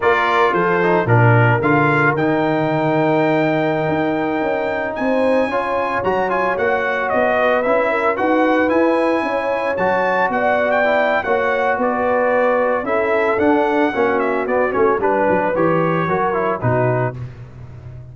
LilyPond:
<<
  \new Staff \with { instrumentName = "trumpet" } { \time 4/4 \tempo 4 = 112 d''4 c''4 ais'4 f''4 | g''1~ | g''4~ g''16 gis''2 ais''8 gis''16~ | gis''16 fis''4 dis''4 e''4 fis''8.~ |
fis''16 gis''2 a''4 fis''8. | g''4 fis''4 d''2 | e''4 fis''4. e''8 d''8 cis''8 | b'4 cis''2 b'4 | }
  \new Staff \with { instrumentName = "horn" } { \time 4/4 ais'4 a'4 ais'2~ | ais'1~ | ais'4~ ais'16 c''4 cis''4.~ cis''16~ | cis''4.~ cis''16 b'4 ais'8 b'8.~ |
b'4~ b'16 cis''2 d''8.~ | d''4 cis''4 b'2 | a'2 fis'2 | b'2 ais'4 fis'4 | }
  \new Staff \with { instrumentName = "trombone" } { \time 4/4 f'4. dis'8 d'4 f'4 | dis'1~ | dis'2~ dis'16 f'4 fis'8 f'16~ | f'16 fis'2 e'4 fis'8.~ |
fis'16 e'2 fis'4.~ fis'16~ | fis'16 e'8. fis'2. | e'4 d'4 cis'4 b8 cis'8 | d'4 g'4 fis'8 e'8 dis'4 | }
  \new Staff \with { instrumentName = "tuba" } { \time 4/4 ais4 f4 ais,4 d4 | dis2.~ dis16 dis'8.~ | dis'16 cis'4 c'4 cis'4 fis8.~ | fis16 ais4 b4 cis'4 dis'8.~ |
dis'16 e'4 cis'4 fis4 b8.~ | b4 ais4 b2 | cis'4 d'4 ais4 b8 a8 | g8 fis8 e4 fis4 b,4 | }
>>